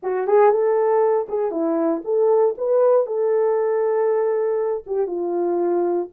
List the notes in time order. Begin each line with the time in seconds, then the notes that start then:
0.03 F#4
0.27 G#4
0.51 A4
1.28 G#4
1.51 E4
2.04 A4
2.57 B4
3.06 A4
4.86 G4
5.06 F4